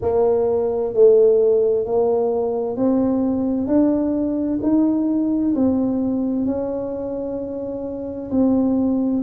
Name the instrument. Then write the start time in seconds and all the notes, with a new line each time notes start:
tuba
0.01 A#3
0.94 A3
1.85 A#3
2.76 C4
3.67 D4
4.62 D#4
5.55 C4
6.45 C#4
8.30 C4